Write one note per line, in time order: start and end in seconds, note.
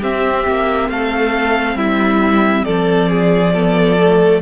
0.00 3.53 C4
0.00 0.47 C4
0.00 0.88 G4
0.00 0.89 E5
0.47 0.90 A#3
0.89 1.75 A3
0.89 1.78 A4
0.89 1.77 F5
1.75 2.63 G3
1.75 2.65 E4
1.75 2.64 E5
2.64 4.42 F3
2.64 3.09 A4
2.64 4.41 D5
3.09 3.53 G#4
3.54 3.99 B3
3.54 4.42 A4
3.99 4.42 A3